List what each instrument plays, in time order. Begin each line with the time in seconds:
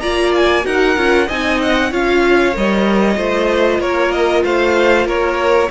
0.00 cello A#3, viola F4, violin D5 A#5
0.35 violin G#5
0.62 cello D#4, viola F#4, violin A#4 F#5
0.96 cello C#4, viola F4
1.27 cello C4, viola D#4, violin D#5 G#5
1.62 violin F#5
1.91 cello C#4, viola F4, violin C#5 F5
2.53 cello G3, viola A#4, violin D#5
3.16 cello A3, viola F4, violin C5
3.79 cello A#3, violin A#4 C#5
4.12 violin D#5
4.44 cello A3, violin C5 F5
5.05 cello A#3, violin A#4 C#5